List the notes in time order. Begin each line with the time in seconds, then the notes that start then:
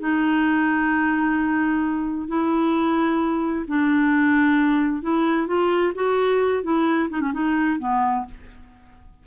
0.00 D#4
2.29 E4
3.68 D4
5.03 E4
5.47 F4
5.95 F#4
6.63 E4
7.10 D#4
7.21 C#4
7.34 D#4
7.80 B3